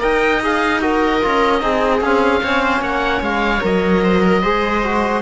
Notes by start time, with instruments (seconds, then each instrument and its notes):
0.00 cello D#4, trombone A#4, viola D#5, oboe G5
0.42 trombone G#4, oboe F5
0.81 trombone F#4, viola A#4, oboe D#5
1.21 cello C#4, trombone F4
1.60 cello C4, trombone D#4, viola G#4
2.01 trombone C4, cello C#4, oboe F5
2.43 cello C4, trombone C#4, viola C#5
2.62 viola C5
2.81 cello A#3, viola C#5, oboe F#5
3.21 cello G#3, oboe F5
3.61 cello F#3, trombone A#4, oboe D#5
4.04 viola C5
4.23 viola A#4
4.42 cello G#3, trombone G#4, viola C5
4.83 trombone F#4